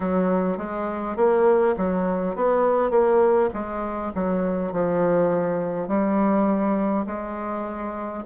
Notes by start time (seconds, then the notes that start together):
0.00 F#3
0.57 G#3
1.16 A#3
1.76 F#3
2.35 B3
2.90 A#3
3.53 G#3
4.14 F#3
4.72 F3
5.88 G3
7.06 G#3